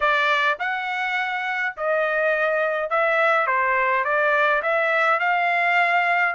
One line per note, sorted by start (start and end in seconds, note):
0.00 0.58 D5
0.59 1.74 F#5
1.76 2.90 D#5
2.90 3.46 E5
3.46 4.04 C5
4.04 4.62 D5
4.62 5.19 E5
5.19 6.35 F5